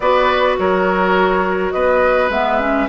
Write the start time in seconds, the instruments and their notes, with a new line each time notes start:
0.00 bassoon B3, clarinet F#4, oboe B4, flute D5
0.58 bassoon F#3, oboe A#4, flute C#5
1.71 bassoon B3, oboe B4, flute D#5
2.29 bassoon G#3, clarinet B3, flute E5
2.59 clarinet C#4